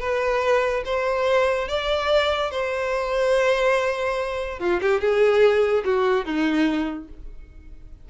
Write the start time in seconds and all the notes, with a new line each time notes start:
0.00 B4
0.85 C5
1.68 D5
2.51 C5
4.59 F4
4.82 G4
5.00 G#4
5.85 F#4
6.25 D#4